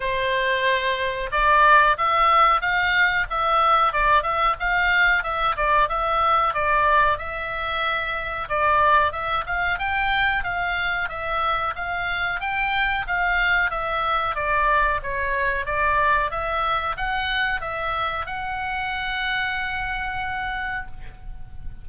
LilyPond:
\new Staff \with { instrumentName = "oboe" } { \time 4/4 \tempo 4 = 92 c''2 d''4 e''4 | f''4 e''4 d''8 e''8 f''4 | e''8 d''8 e''4 d''4 e''4~ | e''4 d''4 e''8 f''8 g''4 |
f''4 e''4 f''4 g''4 | f''4 e''4 d''4 cis''4 | d''4 e''4 fis''4 e''4 | fis''1 | }